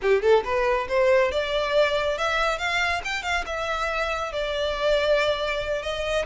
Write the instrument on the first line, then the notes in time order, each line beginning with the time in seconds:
violin
0.02 G4
0.22 A4
0.44 B4
0.88 C5
1.31 D5
2.18 E5
2.58 F5
3.04 G5
3.23 F5
3.46 E5
4.32 D5
5.82 D#5